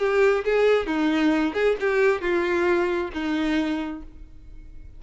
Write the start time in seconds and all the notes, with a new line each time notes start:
0.00 G4
0.45 G#4
0.87 D#4
1.54 G#4
1.81 G4
2.22 F4
3.14 D#4